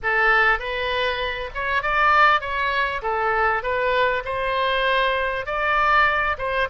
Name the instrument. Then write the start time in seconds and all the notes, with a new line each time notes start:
oboe
0.02 A4
0.59 B4
1.54 C#5
1.82 D5
2.40 C#5
3.02 A4
3.62 B4
4.24 C5
5.45 D5
6.37 C5